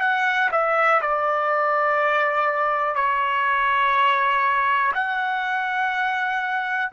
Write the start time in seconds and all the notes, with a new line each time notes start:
0.00 F#5
0.51 E5
1.01 D5
2.95 C#5
4.94 F#5